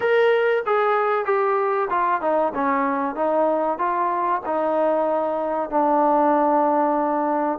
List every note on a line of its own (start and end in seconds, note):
0.00 0.63 A#4
0.66 1.25 G#4
1.25 1.88 G4
1.90 2.21 F4
2.21 2.53 D#4
2.54 3.15 C#4
3.15 3.78 D#4
3.78 4.41 F4
4.45 5.70 D#4
5.70 7.59 D4